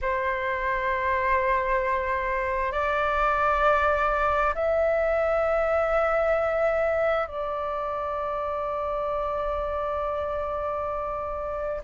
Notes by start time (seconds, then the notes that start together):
0.01 C5
2.72 D5
4.55 E5
7.27 D5